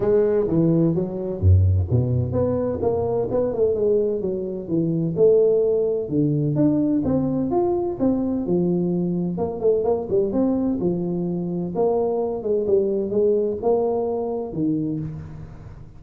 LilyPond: \new Staff \with { instrumentName = "tuba" } { \time 4/4 \tempo 4 = 128 gis4 e4 fis4 fis,4 | b,4 b4 ais4 b8 a8 | gis4 fis4 e4 a4~ | a4 d4 d'4 c'4 |
f'4 c'4 f2 | ais8 a8 ais8 g8 c'4 f4~ | f4 ais4. gis8 g4 | gis4 ais2 dis4 | }